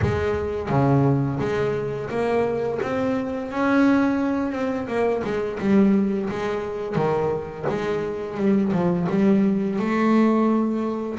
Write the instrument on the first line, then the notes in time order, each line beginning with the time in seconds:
double bass
0.02 G#3
0.69 C#3
1.40 G#3
2.09 A#3
2.82 C4
3.51 C#4
4.52 C4
4.87 A#3
5.23 G#3
5.59 G3
6.29 G#3
6.95 D#3
7.68 G#3
8.37 G3
8.72 F3
9.09 G3
9.79 A3